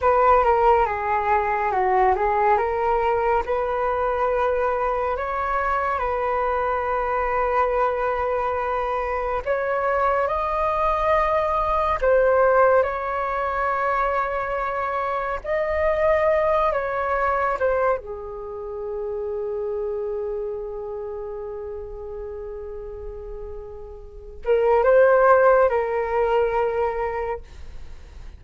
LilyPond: \new Staff \with { instrumentName = "flute" } { \time 4/4 \tempo 4 = 70 b'8 ais'8 gis'4 fis'8 gis'8 ais'4 | b'2 cis''4 b'4~ | b'2. cis''4 | dis''2 c''4 cis''4~ |
cis''2 dis''4. cis''8~ | cis''8 c''8 gis'2.~ | gis'1~ | gis'8 ais'8 c''4 ais'2 | }